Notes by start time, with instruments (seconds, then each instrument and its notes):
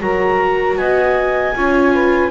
0.00 double bass F#3, viola F#4, saxophone A#4, clarinet A#5
0.77 double bass B3, saxophone D#5, clarinet G#5
1.54 double bass C#4, viola F4, saxophone C#5
1.92 saxophone B4